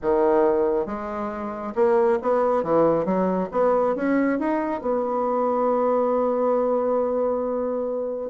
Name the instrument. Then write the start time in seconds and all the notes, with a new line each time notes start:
bassoon
0.02 D#3
0.85 G#3
1.75 A#3
2.22 B3
2.63 E3
3.05 F#3
3.51 B3
3.95 C#4
4.39 D#4
4.81 B3